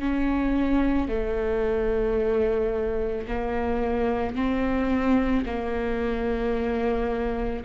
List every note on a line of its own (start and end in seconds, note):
0.00 1.09 C#4
1.09 3.27 A3
3.28 4.36 A#3
4.36 5.45 C4
5.46 7.64 A#3